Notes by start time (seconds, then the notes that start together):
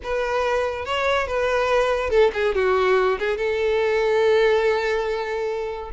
0.03 B4
0.85 C#5
1.27 B4
2.10 A4
2.33 G#4
2.55 F#4
3.19 G#4
3.37 A4